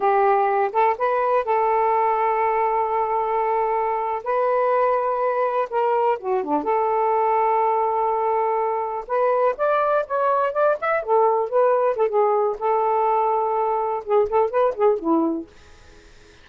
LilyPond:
\new Staff \with { instrumentName = "saxophone" } { \time 4/4 \tempo 4 = 124 g'4. a'8 b'4 a'4~ | a'1~ | a'8. b'2. ais'16~ | ais'8. fis'8 d'8 a'2~ a'16~ |
a'2~ a'8. b'4 d''16~ | d''8. cis''4 d''8 e''8 a'4 b'16~ | b'8. a'16 gis'4 a'2~ | a'4 gis'8 a'8 b'8 gis'8 e'4 | }